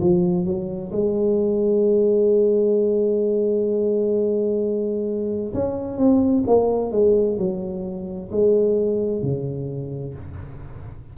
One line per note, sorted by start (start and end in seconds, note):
0.00 0.45 F3
0.45 0.91 F#3
0.92 5.53 G#3
5.53 5.97 C#4
5.97 6.43 C4
6.46 6.91 A#3
6.91 7.38 G#3
7.38 8.30 F#3
8.31 9.22 G#3
9.22 10.14 C#3